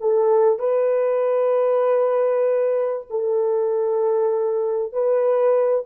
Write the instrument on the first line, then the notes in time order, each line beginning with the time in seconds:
horn
0.00 A4
0.59 B4
3.10 A4
4.92 B4